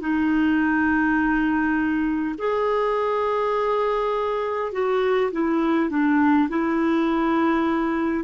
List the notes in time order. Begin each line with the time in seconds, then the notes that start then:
0.00 D#4
2.38 G#4
4.72 F#4
5.32 E4
5.89 D4
6.48 E4